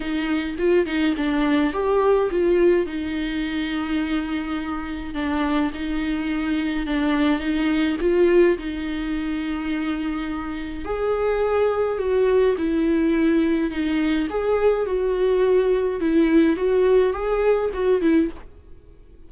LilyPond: \new Staff \with { instrumentName = "viola" } { \time 4/4 \tempo 4 = 105 dis'4 f'8 dis'8 d'4 g'4 | f'4 dis'2.~ | dis'4 d'4 dis'2 | d'4 dis'4 f'4 dis'4~ |
dis'2. gis'4~ | gis'4 fis'4 e'2 | dis'4 gis'4 fis'2 | e'4 fis'4 gis'4 fis'8 e'8 | }